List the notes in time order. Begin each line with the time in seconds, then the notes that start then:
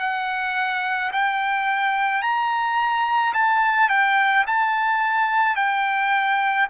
0.00 F#5
1.12 G5
2.22 A#5
3.33 A5
3.89 G5
4.46 A5
5.56 G5